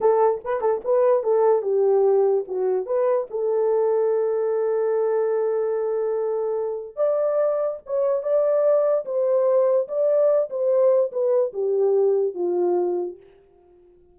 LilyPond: \new Staff \with { instrumentName = "horn" } { \time 4/4 \tempo 4 = 146 a'4 b'8 a'8 b'4 a'4 | g'2 fis'4 b'4 | a'1~ | a'1~ |
a'4 d''2 cis''4 | d''2 c''2 | d''4. c''4. b'4 | g'2 f'2 | }